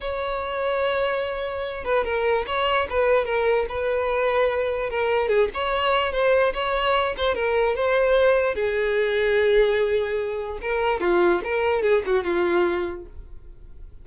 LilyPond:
\new Staff \with { instrumentName = "violin" } { \time 4/4 \tempo 4 = 147 cis''1~ | cis''8 b'8 ais'4 cis''4 b'4 | ais'4 b'2. | ais'4 gis'8 cis''4. c''4 |
cis''4. c''8 ais'4 c''4~ | c''4 gis'2.~ | gis'2 ais'4 f'4 | ais'4 gis'8 fis'8 f'2 | }